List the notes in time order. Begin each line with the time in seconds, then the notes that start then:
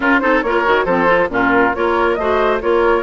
0.00 C#4 F4 A#4
0.19 C4 D#4 A4 C5
0.42 A#3 F4 A#4 C#5
0.64 D#3 F#4
0.85 F3 C4 A4 C5
1.06 F4
1.29 A#2 C#4 F4 A#4
1.75 A#3 F4 A#4 C#5
2.14 A3 F#4 C5 D#5
2.60 A#3 F4 A#4 C#5